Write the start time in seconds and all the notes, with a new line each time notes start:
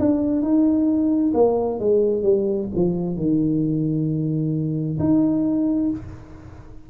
0.00 D4
0.42 D#4
1.34 A#3
1.80 G#3
2.23 G3
2.75 F3
3.17 D#3
5.00 D#4